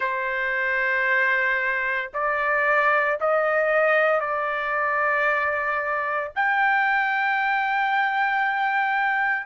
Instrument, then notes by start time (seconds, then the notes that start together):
trumpet
0.00 C5
2.13 D5
3.20 D#5
4.20 D5
6.35 G5